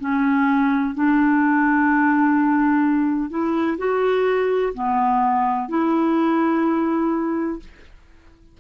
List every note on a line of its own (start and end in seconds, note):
0.00 0.95 C#4
0.95 3.30 D4
3.30 3.78 E4
3.78 4.74 F#4
4.74 5.69 B3
5.69 7.59 E4